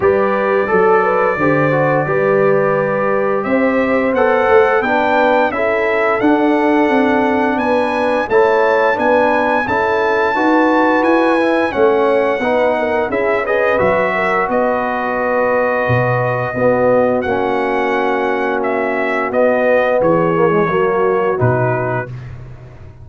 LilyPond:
<<
  \new Staff \with { instrumentName = "trumpet" } { \time 4/4 \tempo 4 = 87 d''1~ | d''4 e''4 fis''4 g''4 | e''4 fis''2 gis''4 | a''4 gis''4 a''2 |
gis''4 fis''2 e''8 dis''8 | e''4 dis''2.~ | dis''4 fis''2 e''4 | dis''4 cis''2 b'4 | }
  \new Staff \with { instrumentName = "horn" } { \time 4/4 b'4 a'8 b'8 c''4 b'4~ | b'4 c''2 b'4 | a'2. b'4 | cis''4 b'4 a'4 b'4~ |
b'4 cis''4 b'8 ais'8 gis'8 b'8~ | b'8 ais'8 b'2. | fis'1~ | fis'4 gis'4 fis'2 | }
  \new Staff \with { instrumentName = "trombone" } { \time 4/4 g'4 a'4 g'8 fis'8 g'4~ | g'2 a'4 d'4 | e'4 d'2. | e'4 d'4 e'4 fis'4~ |
fis'8 e'8 cis'4 dis'4 e'8 gis'8 | fis'1 | b4 cis'2. | b4. ais16 gis16 ais4 dis'4 | }
  \new Staff \with { instrumentName = "tuba" } { \time 4/4 g4 fis4 d4 g4~ | g4 c'4 b8 a8 b4 | cis'4 d'4 c'4 b4 | a4 b4 cis'4 dis'4 |
e'4 a4 b4 cis'4 | fis4 b2 b,4 | b4 ais2. | b4 e4 fis4 b,4 | }
>>